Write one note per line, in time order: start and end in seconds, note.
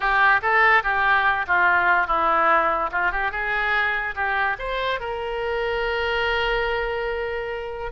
0.00 0.41 G4
0.42 0.83 A4
0.83 1.45 G4
1.47 2.07 F4
2.07 2.90 E4
2.91 3.11 F4
3.11 3.31 G4
3.31 4.14 G#4
4.15 4.56 G4
4.58 4.99 C5
4.99 7.91 A#4